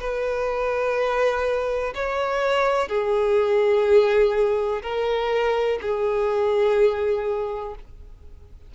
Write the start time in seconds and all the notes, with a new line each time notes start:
0.00 B4
1.94 C#5
2.88 G#4
4.82 A#4
5.81 G#4